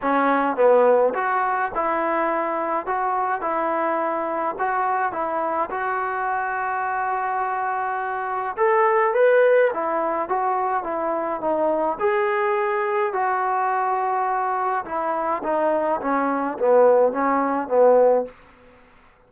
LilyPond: \new Staff \with { instrumentName = "trombone" } { \time 4/4 \tempo 4 = 105 cis'4 b4 fis'4 e'4~ | e'4 fis'4 e'2 | fis'4 e'4 fis'2~ | fis'2. a'4 |
b'4 e'4 fis'4 e'4 | dis'4 gis'2 fis'4~ | fis'2 e'4 dis'4 | cis'4 b4 cis'4 b4 | }